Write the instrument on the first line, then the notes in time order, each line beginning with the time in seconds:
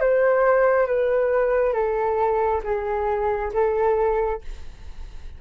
flute
0.00 C5
0.86 B4
1.73 A4
2.63 G#4
3.53 A4